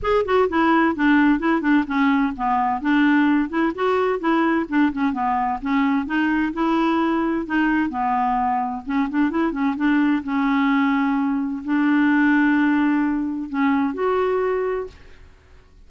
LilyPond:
\new Staff \with { instrumentName = "clarinet" } { \time 4/4 \tempo 4 = 129 gis'8 fis'8 e'4 d'4 e'8 d'8 | cis'4 b4 d'4. e'8 | fis'4 e'4 d'8 cis'8 b4 | cis'4 dis'4 e'2 |
dis'4 b2 cis'8 d'8 | e'8 cis'8 d'4 cis'2~ | cis'4 d'2.~ | d'4 cis'4 fis'2 | }